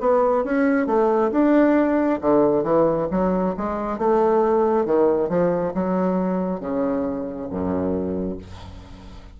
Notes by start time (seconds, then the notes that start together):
0.00 B3
0.44 C#4
0.86 A3
1.31 D4
2.21 D3
2.63 E3
3.10 F#3
3.57 G#3
3.98 A3
4.85 D#3
5.29 F3
5.74 F#3
6.60 C#3
7.50 F#2